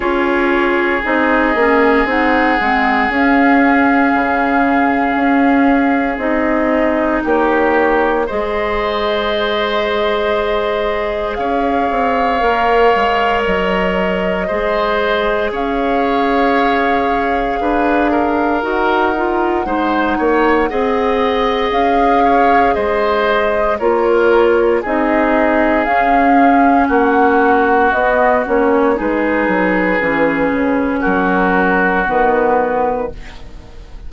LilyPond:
<<
  \new Staff \with { instrumentName = "flute" } { \time 4/4 \tempo 4 = 58 cis''4 dis''4 fis''4 f''4~ | f''2 dis''4 cis''4 | dis''2. f''4~ | f''4 dis''2 f''4~ |
f''2 fis''2~ | fis''4 f''4 dis''4 cis''4 | dis''4 f''4 fis''4 dis''8 cis''8 | b'2 ais'4 b'4 | }
  \new Staff \with { instrumentName = "oboe" } { \time 4/4 gis'1~ | gis'2. g'4 | c''2. cis''4~ | cis''2 c''4 cis''4~ |
cis''4 b'8 ais'4. c''8 cis''8 | dis''4. cis''8 c''4 ais'4 | gis'2 fis'2 | gis'2 fis'2 | }
  \new Staff \with { instrumentName = "clarinet" } { \time 4/4 f'4 dis'8 cis'8 dis'8 c'8 cis'4~ | cis'2 dis'2 | gis'1 | ais'2 gis'2~ |
gis'2 fis'8 f'8 dis'4 | gis'2. f'4 | dis'4 cis'2 b8 cis'8 | dis'4 cis'2 b4 | }
  \new Staff \with { instrumentName = "bassoon" } { \time 4/4 cis'4 c'8 ais8 c'8 gis8 cis'4 | cis4 cis'4 c'4 ais4 | gis2. cis'8 c'8 | ais8 gis8 fis4 gis4 cis'4~ |
cis'4 d'4 dis'4 gis8 ais8 | c'4 cis'4 gis4 ais4 | c'4 cis'4 ais4 b8 ais8 | gis8 fis8 e8 cis8 fis4 dis4 | }
>>